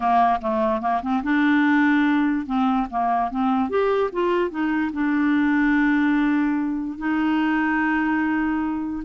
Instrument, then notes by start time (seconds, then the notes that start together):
clarinet
0.00 A#3
0.41 A3
0.81 A#3
1.02 C4
1.23 D4
2.46 C4
2.90 A#3
3.30 C4
3.69 G4
4.12 F4
4.50 D#4
4.92 D4
6.98 D#4